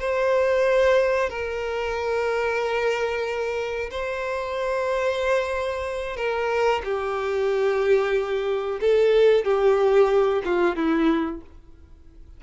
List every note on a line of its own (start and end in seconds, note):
0.00 1.30 C5
1.30 3.90 A#4
3.91 6.17 C5
6.17 6.82 A#4
6.84 8.80 G4
8.81 9.45 A4
9.45 10.43 G4
10.45 10.76 F4
10.76 11.41 E4